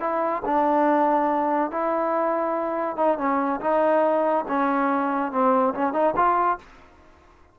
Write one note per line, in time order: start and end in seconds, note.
0.00 0.42 E4
0.45 1.71 D4
1.71 2.96 E4
2.96 3.17 D#4
3.17 3.60 C#4
3.60 4.45 D#4
4.48 5.31 C#4
5.31 5.74 C4
5.74 5.93 C#4
5.93 6.14 D#4
6.16 6.58 F4